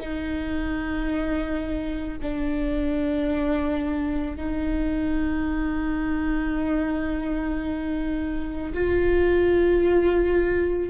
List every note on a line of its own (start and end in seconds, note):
0.00 2.18 D#4
2.22 4.36 D4
4.36 8.73 D#4
8.74 10.89 F4